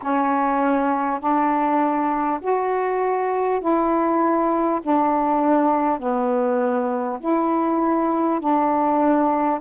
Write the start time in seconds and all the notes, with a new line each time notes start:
0.02 C#4
1.19 D4
2.41 F#4
3.60 E4
4.83 D4
5.99 B3
7.19 E4
8.40 D4